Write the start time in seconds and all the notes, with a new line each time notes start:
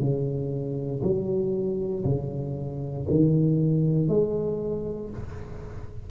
0.00 C#3
1.03 F#3
2.05 C#3
3.10 D#3
4.09 G#3